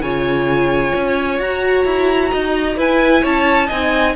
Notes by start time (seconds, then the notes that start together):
0.00 C#3 F4 C#5 G#5
0.95 C#4
1.38 F#4 A#5
1.85 E4
2.31 D#4 D#5
2.76 E4 B4 G#5
3.21 C#4 C#5 A5
3.66 C4 D#4 D#5 G#5